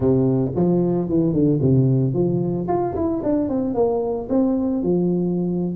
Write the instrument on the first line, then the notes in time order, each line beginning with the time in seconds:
tuba
0.00 C3
0.55 F3
1.08 E3
1.32 D3
1.61 C3
2.13 F3
2.68 F4
2.95 E4
3.23 D4
3.48 C4
3.74 A#3
4.29 C4
4.82 F3